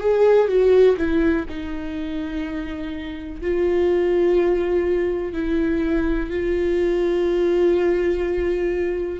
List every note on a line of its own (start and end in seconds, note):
0.00 0.48 G#4
0.48 0.96 F#4
0.97 1.46 E4
1.49 3.41 D#4
3.41 5.33 F4
5.33 6.30 E4
6.30 9.19 F4